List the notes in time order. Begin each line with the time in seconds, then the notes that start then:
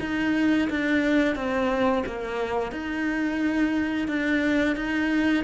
0.00 D#4
0.69 D4
1.35 C4
2.06 A#3
2.71 D#4
4.08 D4
4.76 D#4